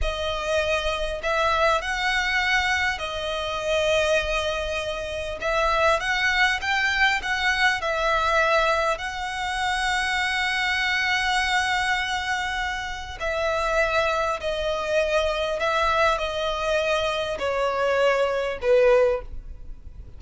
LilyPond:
\new Staff \with { instrumentName = "violin" } { \time 4/4 \tempo 4 = 100 dis''2 e''4 fis''4~ | fis''4 dis''2.~ | dis''4 e''4 fis''4 g''4 | fis''4 e''2 fis''4~ |
fis''1~ | fis''2 e''2 | dis''2 e''4 dis''4~ | dis''4 cis''2 b'4 | }